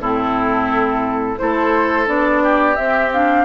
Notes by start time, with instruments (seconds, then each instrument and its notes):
0.00 bassoon A2, clarinet C4, oboe E4, flute A4
1.37 bassoon A3, clarinet E4, oboe A4, flute C5
2.07 bassoon B3, clarinet D4, flute D5
2.43 oboe G4
2.75 clarinet C4, bassoon C4, flute E5
3.13 clarinet D4, flute F5